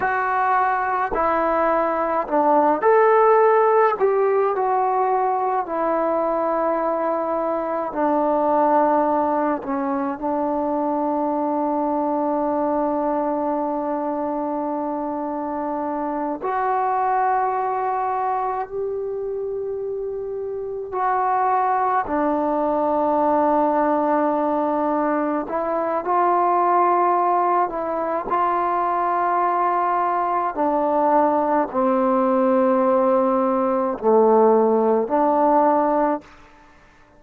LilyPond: \new Staff \with { instrumentName = "trombone" } { \time 4/4 \tempo 4 = 53 fis'4 e'4 d'8 a'4 g'8 | fis'4 e'2 d'4~ | d'8 cis'8 d'2.~ | d'2~ d'8 fis'4.~ |
fis'8 g'2 fis'4 d'8~ | d'2~ d'8 e'8 f'4~ | f'8 e'8 f'2 d'4 | c'2 a4 d'4 | }